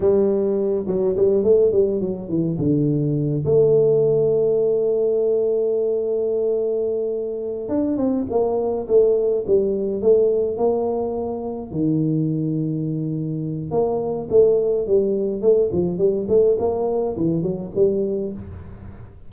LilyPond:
\new Staff \with { instrumentName = "tuba" } { \time 4/4 \tempo 4 = 105 g4. fis8 g8 a8 g8 fis8 | e8 d4. a2~ | a1~ | a4. d'8 c'8 ais4 a8~ |
a8 g4 a4 ais4.~ | ais8 dis2.~ dis8 | ais4 a4 g4 a8 f8 | g8 a8 ais4 e8 fis8 g4 | }